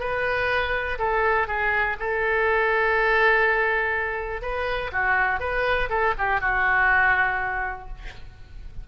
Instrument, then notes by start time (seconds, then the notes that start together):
oboe
0.00 B4
0.99 A4
1.48 G#4
2.00 A4
4.42 B4
4.93 F#4
5.40 B4
5.90 A4
6.19 G4
6.41 F#4